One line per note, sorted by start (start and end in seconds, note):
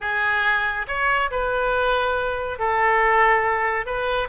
0.00 0.86 G#4
0.87 1.30 C#5
1.31 2.58 B4
2.58 3.86 A4
3.86 4.28 B4